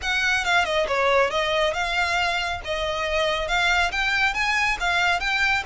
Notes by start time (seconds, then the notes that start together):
0.01 F#5
0.44 F5
0.64 D#5
0.87 C#5
1.30 D#5
1.73 F5
2.64 D#5
3.47 F5
3.91 G5
4.34 G#5
4.79 F5
5.20 G5